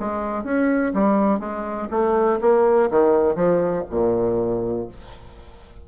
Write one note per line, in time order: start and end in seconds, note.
0.00 0.44 G#3
0.44 0.93 C#4
0.94 1.39 G3
1.39 1.88 G#3
1.91 2.40 A3
2.41 2.90 A#3
2.91 3.36 D#3
3.36 3.84 F3
3.90 4.88 A#2